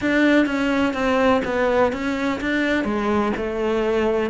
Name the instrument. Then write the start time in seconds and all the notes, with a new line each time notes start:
cello
0.01 D4
0.46 C#4
0.93 C4
1.44 B3
1.92 C#4
2.40 D4
2.84 G#3
3.36 A3